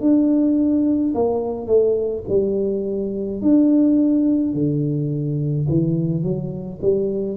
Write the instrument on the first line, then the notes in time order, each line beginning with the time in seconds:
tuba
0.00 D4
1.14 A#3
1.67 A3
2.28 G3
3.41 D4
4.53 D3
5.69 E3
6.23 F#3
6.81 G3